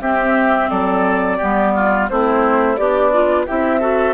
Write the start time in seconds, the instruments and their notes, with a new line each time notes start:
0.00 bassoon C4, clarinet C4, oboe G4, flute E5
0.69 bassoon F#3, oboe A4, flute D5
1.37 bassoon G3, clarinet B3, oboe G4
1.75 oboe F4
2.09 bassoon A3, clarinet C4, oboe E4, flute C5
2.76 bassoon B3, oboe D4, clarinet G4, flute D5
3.12 clarinet F4
3.46 bassoon C4, clarinet E4, oboe G4, flute E5
3.80 clarinet F#4, oboe A4